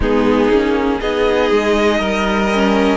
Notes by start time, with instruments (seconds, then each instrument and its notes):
0.00 cello G#3, viola B3, violin D#4 G#4
0.50 cello A#3, viola C#4
1.00 cello B3, viola D#4, violin G#4 D#5
1.50 cello G#3
1.99 cello G3, violin A#4
2.54 viola C#4